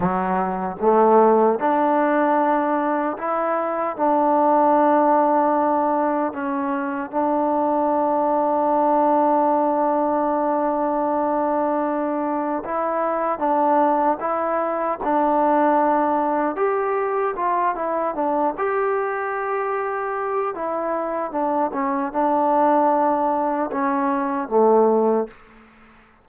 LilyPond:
\new Staff \with { instrumentName = "trombone" } { \time 4/4 \tempo 4 = 76 fis4 a4 d'2 | e'4 d'2. | cis'4 d'2.~ | d'1 |
e'4 d'4 e'4 d'4~ | d'4 g'4 f'8 e'8 d'8 g'8~ | g'2 e'4 d'8 cis'8 | d'2 cis'4 a4 | }